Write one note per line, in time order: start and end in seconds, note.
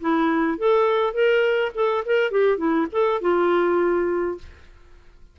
0.00 0.58 E4
0.58 1.13 A4
1.13 1.72 A#4
1.74 2.04 A4
2.05 2.31 A#4
2.31 2.57 G4
2.57 2.86 E4
2.92 3.21 A4
3.21 4.37 F4